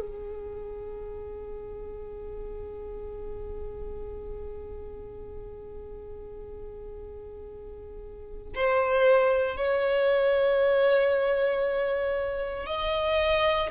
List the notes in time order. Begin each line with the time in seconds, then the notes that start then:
0.00 G#4
8.55 C5
9.57 C#5
12.67 D#5